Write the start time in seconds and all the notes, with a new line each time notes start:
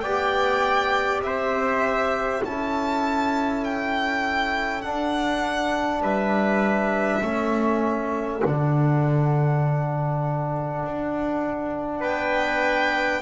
0.00 B3 G4 D5 G5
1.21 C4 C5 E5
2.43 C#4 E4 A4 A5
3.64 G5
4.81 D4 F#5
6.01 G3 B4 E5
7.21 A3 C#4 A4
8.43 D3 D4 F#5
10.85 D4
11.99 B3 B4 G5